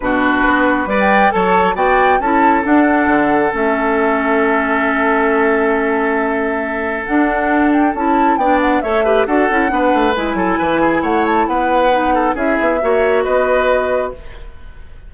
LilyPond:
<<
  \new Staff \with { instrumentName = "flute" } { \time 4/4 \tempo 4 = 136 b'2~ b'16 g''8. a''4 | g''4 a''4 fis''2 | e''1~ | e''1 |
fis''4. g''8 a''4 g''8 fis''8 | e''4 fis''2 gis''4~ | gis''4 fis''8 a''8 fis''2 | e''2 dis''2 | }
  \new Staff \with { instrumentName = "oboe" } { \time 4/4 fis'2 d''4 cis''4 | d''4 a'2.~ | a'1~ | a'1~ |
a'2. d''4 | cis''8 b'8 a'4 b'4. a'8 | b'8 gis'8 cis''4 b'4. a'8 | gis'4 cis''4 b'2 | }
  \new Staff \with { instrumentName = "clarinet" } { \time 4/4 d'2 b'4 a'4 | fis'4 e'4 d'2 | cis'1~ | cis'1 |
d'2 e'4 d'4 | a'8 g'8 fis'8 e'8 d'4 e'4~ | e'2. dis'4 | e'4 fis'2. | }
  \new Staff \with { instrumentName = "bassoon" } { \time 4/4 b,4 b4 g4 fis4 | b4 cis'4 d'4 d4 | a1~ | a1 |
d'2 cis'4 b4 | a4 d'8 cis'8 b8 a8 gis8 fis8 | e4 a4 b2 | cis'8 b8 ais4 b2 | }
>>